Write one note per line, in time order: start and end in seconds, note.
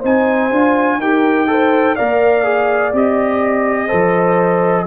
0.00 0.51 C4
0.00 0.51 D#4
0.00 0.97 C5
0.00 1.01 G#5
0.51 0.97 D4
0.51 1.00 F4
0.97 1.94 D#4
0.97 1.47 G4
0.97 1.48 A#4
0.97 1.96 G5
1.47 1.95 A4
1.47 1.96 C5
1.96 2.93 A#3
1.96 2.44 A#4
1.96 3.87 D5
1.96 2.92 F5
2.44 2.92 G#4
2.92 3.89 C4
2.92 3.88 G4
2.92 4.87 D#5
3.87 4.87 F3
3.87 4.85 A4
3.87 4.84 C5